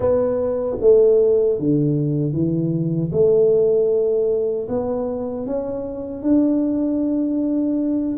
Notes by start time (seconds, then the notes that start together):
0.00 B3
0.80 A3
1.58 D3
2.32 E3
3.12 A3
4.68 B3
5.46 C#4
6.22 D4